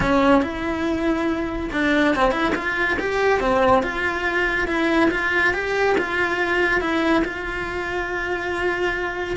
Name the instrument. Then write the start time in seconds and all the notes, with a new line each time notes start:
cello
0.00 C#4
0.42 E4
1.72 D4
2.15 C4
2.31 E4
2.55 F4
2.99 G4
3.40 C4
3.82 F4
4.67 E4
5.11 F4
5.53 G4
5.97 F4
6.80 E4
7.24 F4